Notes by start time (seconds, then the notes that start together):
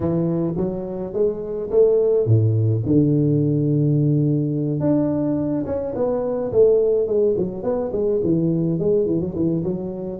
0.00 E3
0.56 F#3
1.13 G#3
1.70 A3
2.26 A2
2.85 D3
4.80 D4
5.66 C#4
5.95 B3
6.51 A3
7.07 G#3
7.37 F#3
7.63 B3
7.92 G#3
8.23 E3
8.79 G#3
9.06 E3
9.20 F#3
9.35 E3
9.63 F#3